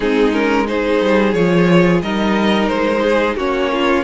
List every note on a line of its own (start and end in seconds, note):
0.00 1.00 G#3
0.00 0.32 C4
0.00 0.68 D#4
0.00 0.33 G#4
0.32 0.66 C#4
0.32 0.66 A#4
0.66 1.34 D#4
0.66 2.03 G#4
0.66 1.33 C5
1.01 1.34 G3
1.33 2.01 F3
1.33 2.03 F4
1.33 2.01 C#5
2.02 2.68 G3
2.02 3.38 D#4
2.02 3.02 A#4
2.02 2.67 D#5
2.67 3.36 G#3
2.67 3.35 C5
3.02 3.36 G#4
3.36 4.03 A#3
3.36 4.04 C#4
3.36 3.70 F#4
3.36 4.04 C#5
3.72 4.04 F4